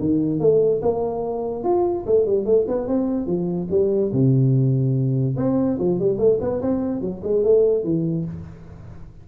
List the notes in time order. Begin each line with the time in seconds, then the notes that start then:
0.00 D#3
0.40 A3
0.82 A#3
1.64 F4
2.06 A3
2.26 G3
2.45 A3
2.68 B3
2.88 C4
3.27 F3
3.71 G3
4.12 C3
5.37 C4
5.79 F3
5.99 G3
6.18 A3
6.41 B3
6.62 C4
7.01 F#3
7.23 G#3
7.44 A3
7.84 E3